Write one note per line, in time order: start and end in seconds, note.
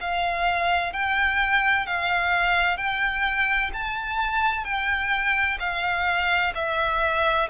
0.00 0.92 F5
0.92 1.86 G5
1.86 2.77 F5
2.77 3.71 G5
3.73 4.64 A5
4.64 5.58 G5
5.59 6.53 F5
6.55 7.49 E5